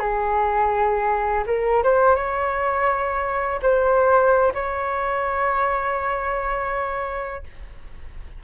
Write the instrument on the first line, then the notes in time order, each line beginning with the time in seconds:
flute
0.00 G#4
1.47 A#4
1.84 C5
2.16 C#5
3.63 C5
4.54 C#5